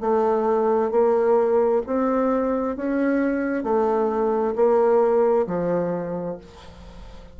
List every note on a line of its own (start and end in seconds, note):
0.00 0.91 A3
0.91 1.82 A#3
1.86 2.76 C4
2.76 3.63 C#4
3.63 4.54 A3
4.55 5.46 A#3
5.46 6.37 F3